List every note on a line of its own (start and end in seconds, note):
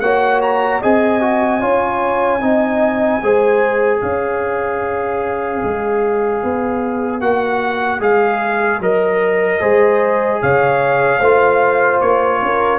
0.00 0.80 A#3
0.00 0.82 F#4
0.00 0.81 C#5
0.00 0.40 F#5
0.42 0.82 A#5
0.81 1.63 C4
0.81 1.21 G#4
0.81 1.61 D#5
0.81 4.00 G#5
1.21 1.61 F#4
1.61 2.41 C#4
1.61 2.40 F4
1.61 2.41 C#5
2.40 3.21 C4
2.40 3.20 D#4
2.40 3.21 D#5
3.22 4.02 G#3
3.22 7.21 G#4
3.22 4.00 C5
4.00 5.62 C#4
4.00 9.60 C#5
4.00 7.20 F5
5.63 6.43 G#3
6.43 7.20 B3
7.20 8.00 A#3
7.20 8.00 F#4
7.20 8.00 F#5
8.00 8.79 G#3
8.00 8.80 G#4
8.00 8.82 F5
8.79 9.60 F#3
8.79 9.60 A#4
8.79 10.42 D#5
9.60 10.41 G#3
9.60 11.20 G#4
9.60 10.40 C5
10.42 11.20 C#3
10.42 11.19 C#5
10.42 12.01 F5
11.19 12.00 A3
11.19 12.79 F4
11.19 12.39 C5
12.01 12.42 A#3
12.01 12.79 C#5
12.42 12.79 C#4
12.42 12.79 A#4